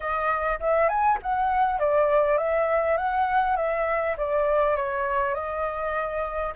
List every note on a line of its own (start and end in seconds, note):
0.00 0.59 D#5
0.60 0.88 E5
0.88 1.18 G#5
1.22 1.79 F#5
1.79 2.37 D5
2.37 2.97 E5
2.97 3.56 F#5
3.56 4.16 E5
4.17 4.76 D5
4.76 5.34 C#5
5.34 6.53 D#5